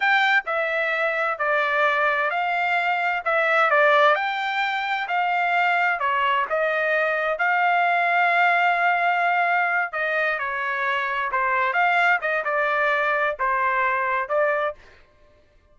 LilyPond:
\new Staff \with { instrumentName = "trumpet" } { \time 4/4 \tempo 4 = 130 g''4 e''2 d''4~ | d''4 f''2 e''4 | d''4 g''2 f''4~ | f''4 cis''4 dis''2 |
f''1~ | f''4. dis''4 cis''4.~ | cis''8 c''4 f''4 dis''8 d''4~ | d''4 c''2 d''4 | }